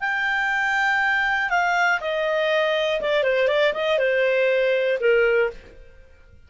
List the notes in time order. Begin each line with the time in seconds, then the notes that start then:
0.00 G5
1.49 F5
2.00 D#5
3.00 D5
3.23 C5
3.47 D5
3.74 D#5
3.98 C5
5.00 A#4